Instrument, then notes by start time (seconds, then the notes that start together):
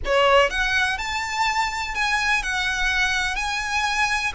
violin
0.05 C#5
0.49 F#5
0.98 A5
1.95 G#5
2.43 F#5
3.35 G#5